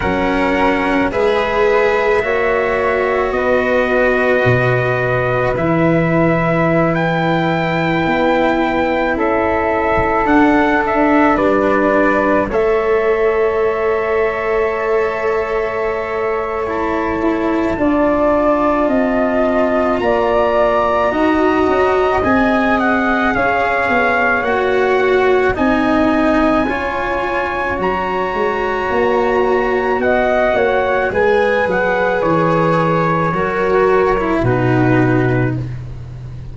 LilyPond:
<<
  \new Staff \with { instrumentName = "trumpet" } { \time 4/4 \tempo 4 = 54 fis''4 e''2 dis''4~ | dis''4 e''4~ e''16 g''4.~ g''16~ | g''16 e''4 fis''8 e''8 d''4 e''8.~ | e''2. a''4~ |
a''2 ais''2 | gis''8 fis''8 f''4 fis''4 gis''4~ | gis''4 ais''2 fis''4 | gis''8 fis''8 cis''2 b'4 | }
  \new Staff \with { instrumentName = "flute" } { \time 4/4 ais'4 b'4 cis''4 b'4~ | b'1~ | b'16 a'2 b'4 cis''8.~ | cis''1 |
d''4 dis''4 d''4 dis''4~ | dis''4 cis''2 dis''4 | cis''2. dis''8 cis''8 | b'2 ais'4 fis'4 | }
  \new Staff \with { instrumentName = "cello" } { \time 4/4 cis'4 gis'4 fis'2~ | fis'4 e'2.~ | e'4~ e'16 d'2 a'8.~ | a'2. e'4 |
f'2. fis'4 | gis'2 fis'4 dis'4 | f'4 fis'2. | gis'2 fis'8. e'16 dis'4 | }
  \new Staff \with { instrumentName = "tuba" } { \time 4/4 fis4 gis4 ais4 b4 | b,4 e2~ e16 b8.~ | b16 cis'4 d'4 g4 a8.~ | a1 |
d'4 c'4 ais4 dis'8 cis'8 | c'4 cis'8 b8 ais4 c'4 | cis'4 fis8 gis8 ais4 b8 ais8 | gis8 fis8 e4 fis4 b,4 | }
>>